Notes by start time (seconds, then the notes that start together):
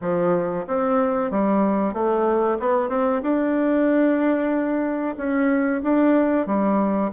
0.01 F3
0.67 C4
1.30 G3
1.93 A3
2.59 B3
2.89 C4
3.22 D4
5.17 C#4
5.83 D4
6.46 G3